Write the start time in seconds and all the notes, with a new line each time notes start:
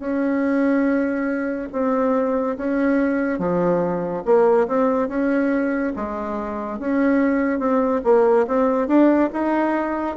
0.00 C#4
1.73 C4
2.58 C#4
3.39 F3
4.26 A#3
4.68 C4
5.09 C#4
5.96 G#3
6.80 C#4
7.59 C4
8.04 A#3
8.47 C4
8.88 D4
9.33 D#4